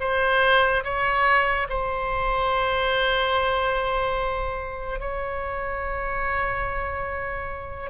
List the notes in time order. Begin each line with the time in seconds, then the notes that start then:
0.00 C5
0.84 C#5
1.69 C5
5.00 C#5